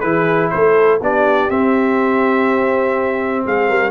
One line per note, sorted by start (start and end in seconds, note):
0.00 0.52 E3
0.00 1.00 E4
0.00 0.52 G#4
0.00 0.49 B4
0.50 1.00 A3
0.50 1.01 A4
0.50 0.99 C5
1.00 1.49 B3
1.00 1.49 D4
1.00 3.45 G4
1.00 1.50 D5
1.49 3.90 C4
1.49 3.45 C4
1.49 3.45 E5
3.45 3.69 G#3
3.45 3.68 G#4
3.45 3.90 F5
3.68 3.90 G3
3.68 3.90 A#4